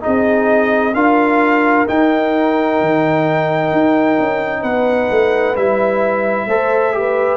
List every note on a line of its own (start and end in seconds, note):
0.00 0.92 D#4
0.00 0.95 G#4
0.00 0.94 D#5
0.07 0.94 C4
0.94 1.86 D4
0.94 1.86 F4
0.94 4.61 A#4
0.94 1.87 F5
1.86 5.56 D#4
1.86 2.81 D#4
1.86 4.63 G5
2.81 3.72 D#3
3.72 4.18 D#4
4.19 4.63 C#4
4.61 5.09 B3
4.61 6.46 B4
4.61 5.56 F#5
5.10 5.57 A3
5.56 6.47 G3
5.56 6.50 E4
5.56 7.37 E5
6.47 7.37 A3
6.47 6.93 A4
6.47 6.94 C5
6.93 7.37 G4
6.93 7.37 B4